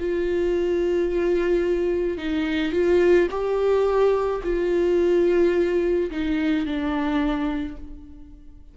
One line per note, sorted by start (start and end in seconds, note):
0.00 2.18 F4
2.18 2.72 D#4
2.72 3.28 F4
3.31 4.42 G4
4.44 6.11 F4
6.11 6.66 D#4
6.66 7.77 D4